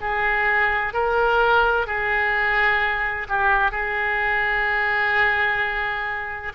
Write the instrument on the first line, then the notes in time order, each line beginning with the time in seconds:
oboe
0.00 G#4
0.93 A#4
1.86 G#4
3.28 G4
3.71 G#4